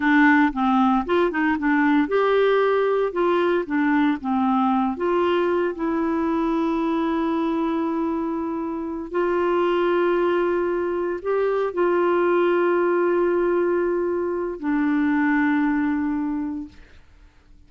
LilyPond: \new Staff \with { instrumentName = "clarinet" } { \time 4/4 \tempo 4 = 115 d'4 c'4 f'8 dis'8 d'4 | g'2 f'4 d'4 | c'4. f'4. e'4~ | e'1~ |
e'4. f'2~ f'8~ | f'4. g'4 f'4.~ | f'1 | d'1 | }